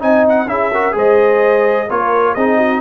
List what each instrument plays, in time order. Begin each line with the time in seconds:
0.00 tuba C4, trombone D#4, horn D#5, trumpet G#5
0.29 trumpet F#5
0.48 tuba C#4, trombone E4, horn G#4, trumpet E5
0.72 trombone F#4, horn A#4
0.93 tuba G#3, trombone G#4, horn C5, trumpet D#5
1.89 tuba A#3, trombone F4, horn A#4, trumpet C#5
2.35 tuba C4, trombone D#4, horn G#4, trumpet D#5
2.58 horn F#4